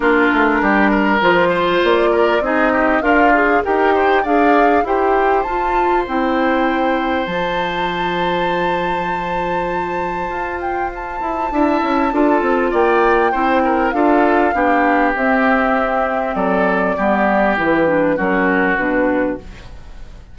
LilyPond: <<
  \new Staff \with { instrumentName = "flute" } { \time 4/4 \tempo 4 = 99 ais'2 c''4 d''4 | dis''4 f''4 g''4 f''4 | g''4 a''4 g''2 | a''1~ |
a''4. g''8 a''2~ | a''4 g''2 f''4~ | f''4 e''2 d''4~ | d''4 b'4 ais'4 b'4 | }
  \new Staff \with { instrumentName = "oboe" } { \time 4/4 f'4 g'8 ais'4 c''4 ais'8 | gis'8 g'8 f'4 ais'8 c''8 d''4 | c''1~ | c''1~ |
c''2. e''4 | a'4 d''4 c''8 ais'8 a'4 | g'2. a'4 | g'2 fis'2 | }
  \new Staff \with { instrumentName = "clarinet" } { \time 4/4 d'2 f'2 | dis'4 ais'8 gis'8 g'4 gis'4 | g'4 f'4 e'2 | f'1~ |
f'2. e'4 | f'2 e'4 f'4 | d'4 c'2. | b4 e'8 d'8 cis'4 d'4 | }
  \new Staff \with { instrumentName = "bassoon" } { \time 4/4 ais8 a8 g4 f4 ais4 | c'4 d'4 dis'4 d'4 | e'4 f'4 c'2 | f1~ |
f4 f'4. e'8 d'8 cis'8 | d'8 c'8 ais4 c'4 d'4 | b4 c'2 fis4 | g4 e4 fis4 b,4 | }
>>